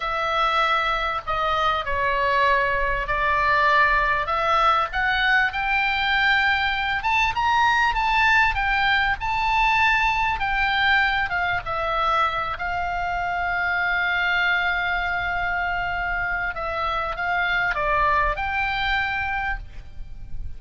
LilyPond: \new Staff \with { instrumentName = "oboe" } { \time 4/4 \tempo 4 = 98 e''2 dis''4 cis''4~ | cis''4 d''2 e''4 | fis''4 g''2~ g''8 a''8 | ais''4 a''4 g''4 a''4~ |
a''4 g''4. f''8 e''4~ | e''8 f''2.~ f''8~ | f''2. e''4 | f''4 d''4 g''2 | }